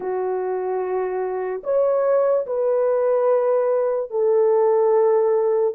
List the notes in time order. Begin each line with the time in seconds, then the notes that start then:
0.00 F#4
1.63 C#5
2.46 B4
4.10 A4